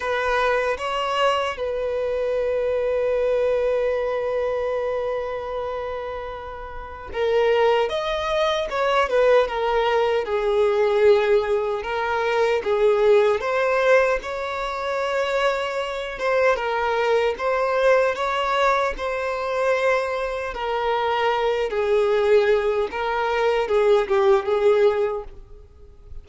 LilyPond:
\new Staff \with { instrumentName = "violin" } { \time 4/4 \tempo 4 = 76 b'4 cis''4 b'2~ | b'1~ | b'4 ais'4 dis''4 cis''8 b'8 | ais'4 gis'2 ais'4 |
gis'4 c''4 cis''2~ | cis''8 c''8 ais'4 c''4 cis''4 | c''2 ais'4. gis'8~ | gis'4 ais'4 gis'8 g'8 gis'4 | }